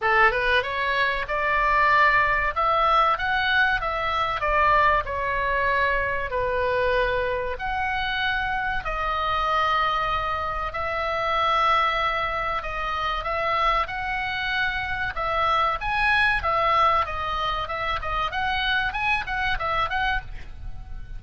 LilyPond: \new Staff \with { instrumentName = "oboe" } { \time 4/4 \tempo 4 = 95 a'8 b'8 cis''4 d''2 | e''4 fis''4 e''4 d''4 | cis''2 b'2 | fis''2 dis''2~ |
dis''4 e''2. | dis''4 e''4 fis''2 | e''4 gis''4 e''4 dis''4 | e''8 dis''8 fis''4 gis''8 fis''8 e''8 fis''8 | }